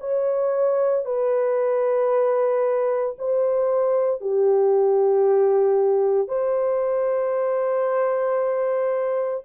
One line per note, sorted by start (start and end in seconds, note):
0.00 1.05 C#5
1.05 3.16 B4
3.18 4.21 C5
4.21 6.28 G4
6.28 9.44 C5